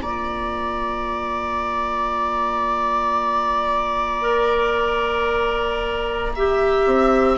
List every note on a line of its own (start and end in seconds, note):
0.00 6.84 A#3
0.00 4.21 F4
0.00 6.34 D5
0.00 7.37 A#5
4.21 6.31 A#4
6.35 7.37 G4
6.35 7.37 E5
6.85 7.37 C4